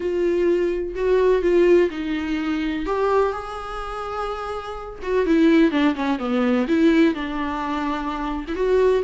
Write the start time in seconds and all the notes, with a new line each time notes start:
0.00 F4
0.95 F#4
1.42 F4
1.90 D#4
2.85 G4
3.32 G#4
5.02 F#4
5.26 E4
5.71 D4
5.95 C#4
6.18 B3
6.68 E4
7.14 D4
8.47 E4
8.55 F#4